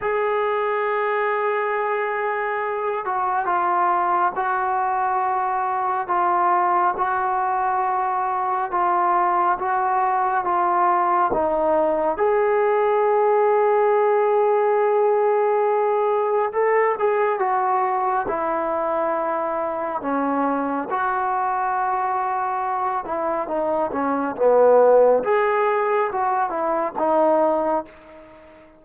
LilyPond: \new Staff \with { instrumentName = "trombone" } { \time 4/4 \tempo 4 = 69 gis'2.~ gis'8 fis'8 | f'4 fis'2 f'4 | fis'2 f'4 fis'4 | f'4 dis'4 gis'2~ |
gis'2. a'8 gis'8 | fis'4 e'2 cis'4 | fis'2~ fis'8 e'8 dis'8 cis'8 | b4 gis'4 fis'8 e'8 dis'4 | }